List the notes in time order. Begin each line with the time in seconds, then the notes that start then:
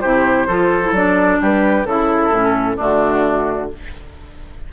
0.00 C3 E4 G4 C5
0.47 F3 F4 A4
0.83 E4
0.91 F#3 D4 D5
1.41 G3 G4 B4
1.84 C#3 E4 A4
2.31 A2 C#4
2.76 D3 A3 D4 F#4